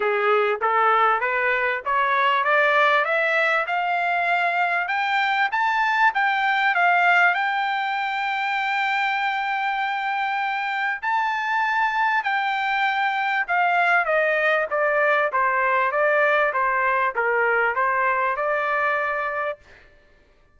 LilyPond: \new Staff \with { instrumentName = "trumpet" } { \time 4/4 \tempo 4 = 98 gis'4 a'4 b'4 cis''4 | d''4 e''4 f''2 | g''4 a''4 g''4 f''4 | g''1~ |
g''2 a''2 | g''2 f''4 dis''4 | d''4 c''4 d''4 c''4 | ais'4 c''4 d''2 | }